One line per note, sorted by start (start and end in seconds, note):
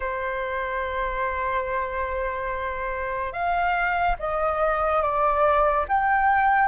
0.00 3.33 C5
3.33 4.16 F5
4.19 5.02 D#5
5.02 5.85 D5
5.88 6.68 G5